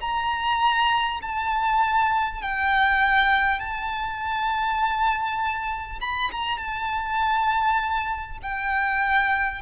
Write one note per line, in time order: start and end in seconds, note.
0.00 1.20 A#5
1.22 2.42 A5
2.42 3.59 G5
3.59 5.99 A5
6.00 6.30 B5
6.31 6.57 A#5
6.57 8.37 A5
8.42 9.61 G5